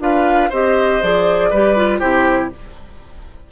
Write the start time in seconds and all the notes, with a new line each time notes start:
0.00 D4 F4 B4 F5
0.50 C4 G4 C5 D#5
1.02 F3 G#4 D5
1.50 G3 G4 B4
1.76 F4
1.99 C3 E4 G4 C5